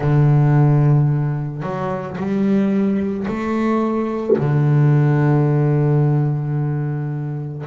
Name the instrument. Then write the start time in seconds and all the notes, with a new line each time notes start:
double bass
0.00 D3
1.62 F#3
2.17 G3
3.27 A3
4.37 D3